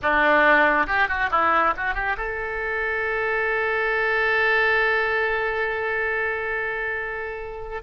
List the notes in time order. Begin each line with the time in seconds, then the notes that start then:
0.01 D4
0.86 G4
1.08 F#4
1.30 E4
1.76 F#4
1.94 G4
2.17 A4